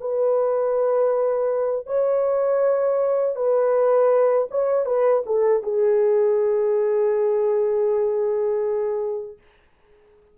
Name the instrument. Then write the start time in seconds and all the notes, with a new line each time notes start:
horn
0.00 B4
1.86 C#5
3.35 B4
4.51 C#5
4.85 B4
5.26 A4
5.62 G#4